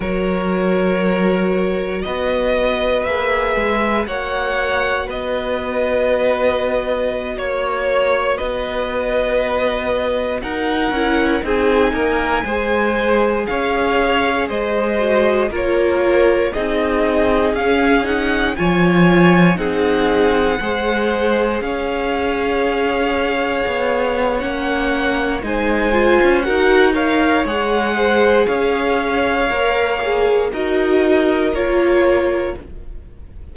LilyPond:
<<
  \new Staff \with { instrumentName = "violin" } { \time 4/4 \tempo 4 = 59 cis''2 dis''4 e''4 | fis''4 dis''2~ dis''16 cis''8.~ | cis''16 dis''2 fis''4 gis''8.~ | gis''4~ gis''16 f''4 dis''4 cis''8.~ |
cis''16 dis''4 f''8 fis''8 gis''4 fis''8.~ | fis''4~ fis''16 f''2~ f''8. | fis''4 gis''4 fis''8 f''8 fis''4 | f''2 dis''4 cis''4 | }
  \new Staff \with { instrumentName = "violin" } { \time 4/4 ais'2 b'2 | cis''4 b'2~ b'16 cis''8.~ | cis''16 b'2 ais'4 gis'8 ais'16~ | ais'16 c''4 cis''4 c''4 ais'8.~ |
ais'16 gis'2 cis''4 gis'8.~ | gis'16 c''4 cis''2~ cis''8.~ | cis''4 c''4 ais'8 cis''4 c''8 | cis''2 ais'2 | }
  \new Staff \with { instrumentName = "viola" } { \time 4/4 fis'2. gis'4 | fis'1~ | fis'2~ fis'8. e'8 dis'8.~ | dis'16 gis'2~ gis'8 fis'8 f'8.~ |
f'16 dis'4 cis'8 dis'8 f'4 dis'8.~ | dis'16 gis'2.~ gis'8. | cis'4 dis'8 f'8 fis'8 ais'8 gis'4~ | gis'4 ais'8 gis'8 fis'4 f'4 | }
  \new Staff \with { instrumentName = "cello" } { \time 4/4 fis2 b4 ais8 gis8 | ais4 b2~ b16 ais8.~ | ais16 b2 dis'8 cis'8 c'8 ais16~ | ais16 gis4 cis'4 gis4 ais8.~ |
ais16 c'4 cis'4 f4 c'8.~ | c'16 gis4 cis'2 b8. | ais4 gis8. cis'16 dis'4 gis4 | cis'4 ais4 dis'4 ais4 | }
>>